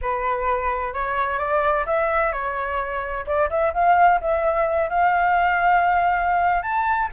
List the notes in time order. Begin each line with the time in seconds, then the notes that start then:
0.01 B4
0.93 C#5
1.38 D5
1.86 E5
2.32 C#5
3.26 D5
3.50 E5
3.73 F5
4.20 E5
4.89 F5
6.62 A5